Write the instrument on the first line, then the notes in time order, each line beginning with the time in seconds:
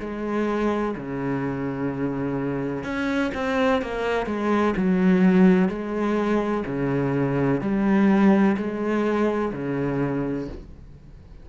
cello
0.00 G#3
0.97 C#3
2.84 C#4
3.35 C4
3.82 A#3
4.26 G#3
4.77 F#3
5.69 G#3
6.66 C#3
7.61 G3
8.57 G#3
9.53 C#3